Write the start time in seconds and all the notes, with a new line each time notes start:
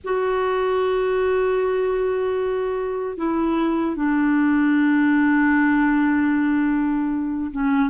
0.04 F#4
3.17 E4
3.96 D4
7.51 C#4